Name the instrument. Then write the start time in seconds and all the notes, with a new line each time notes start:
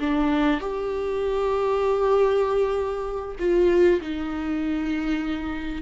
viola
0.00 D4
0.61 G4
3.40 F4
4.02 D#4